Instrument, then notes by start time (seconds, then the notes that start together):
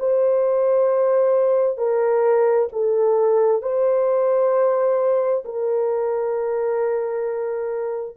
horn
0.00 C5
1.78 A#4
2.73 A4
3.62 C5
5.45 A#4